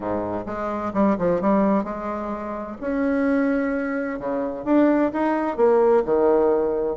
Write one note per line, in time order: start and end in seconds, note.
0.00 0.44 G#2
0.46 0.92 G#3
0.93 1.16 G3
1.18 1.41 F3
1.41 1.84 G3
1.84 2.77 G#3
2.81 4.19 C#4
4.19 4.64 C#3
4.64 5.11 D4
5.12 5.56 D#4
5.56 6.03 A#3
6.05 6.96 D#3